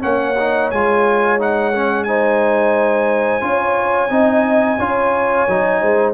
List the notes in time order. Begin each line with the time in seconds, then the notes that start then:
0.00 A#3 C#4 C#5 F#5
0.39 D#4
0.71 G#3 F4 G#5
1.39 D#4 F#5
1.73 C#4
2.04 D#4 C5 G#5
3.41 C#4 F4 C#5
4.10 C4 D#4 D#5
4.79 C#4 F4 C#5
5.48 F#3 D#4
5.81 G#3 C5